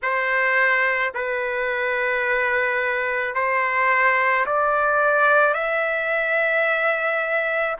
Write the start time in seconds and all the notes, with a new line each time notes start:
0.02 C5
1.14 B4
3.34 C5
4.45 D5
5.54 E5